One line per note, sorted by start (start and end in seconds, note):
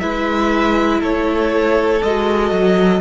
0.00 1.02 G#3
0.00 2.01 E4
0.00 1.01 B4
0.00 1.00 E5
1.01 2.02 A3
1.01 3.01 A4
1.01 2.02 C#5
2.02 2.51 G#3
2.02 3.01 F#4
2.02 3.01 D#5
2.51 3.01 F#3